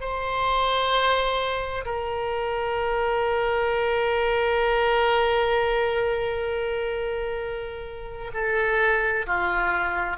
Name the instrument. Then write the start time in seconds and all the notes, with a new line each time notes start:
oboe
0.00 C5
1.85 A#4
8.33 A4
9.26 F4